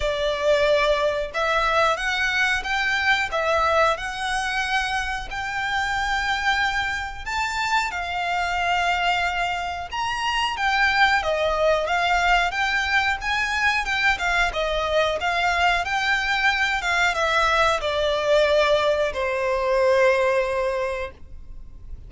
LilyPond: \new Staff \with { instrumentName = "violin" } { \time 4/4 \tempo 4 = 91 d''2 e''4 fis''4 | g''4 e''4 fis''2 | g''2. a''4 | f''2. ais''4 |
g''4 dis''4 f''4 g''4 | gis''4 g''8 f''8 dis''4 f''4 | g''4. f''8 e''4 d''4~ | d''4 c''2. | }